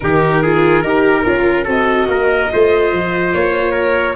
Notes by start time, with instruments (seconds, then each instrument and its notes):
0.00 tuba D#3, viola D#4, trumpet G4, violin A#4
0.42 viola F4, trumpet G#4
0.82 tuba D#4, viola G4, trumpet A#4
1.24 tuba C#4, viola F4
1.64 tuba C4, viola F#4, trumpet A4, violin D#5
2.08 tuba A#3, trumpet A#4
2.51 tuba A3, viola F4, trumpet C5
2.92 tuba F3
3.33 tuba A#3, violin C#5
3.71 trumpet A#4